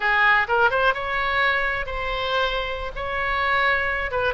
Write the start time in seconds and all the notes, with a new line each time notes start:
0.00 G#4
0.48 A#4
0.70 C5
0.94 C#5
1.86 C5
2.95 C#5
4.11 B4